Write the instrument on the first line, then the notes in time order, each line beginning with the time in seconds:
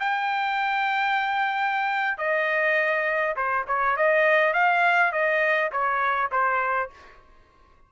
trumpet
0.00 G5
2.18 D#5
3.36 C5
3.68 C#5
3.97 D#5
4.53 F5
5.12 D#5
5.72 C#5
6.32 C5